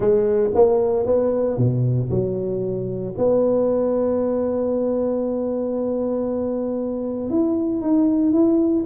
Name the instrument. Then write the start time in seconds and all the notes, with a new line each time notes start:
tuba
0.00 G#3
0.54 A#3
1.06 B3
1.57 B2
2.10 F#3
3.17 B3
7.29 E4
7.81 D#4
8.32 E4